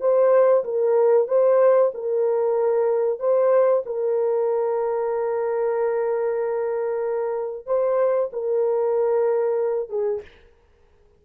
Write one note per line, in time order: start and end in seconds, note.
0.00 0.64 C5
0.64 1.28 A#4
1.28 1.91 C5
1.94 3.19 A#4
3.19 3.83 C5
3.86 7.66 A#4
7.66 8.30 C5
8.32 9.89 A#4
9.89 10.21 G#4